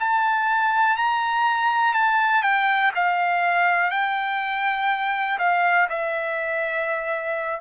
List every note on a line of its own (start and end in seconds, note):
0.00 0.97 A5
0.97 1.94 A#5
1.94 2.43 A5
2.43 2.92 G5
2.95 3.91 F5
3.91 5.39 G5
5.39 5.88 F5
5.90 7.61 E5